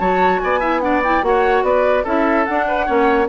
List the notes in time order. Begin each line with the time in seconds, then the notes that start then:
0.00 F#3 F#4 C#5 A5
0.40 B3 D5 G#5
0.60 E4 E5
0.81 D4 D5 F#5
1.04 E4 G5
1.22 A#3 F#4 C#5 F#5
1.63 B3 B4 D5
2.04 C#4 E4 A4 E5
2.45 D4 F#5
2.68 B4
2.86 A#3 C#4 C#5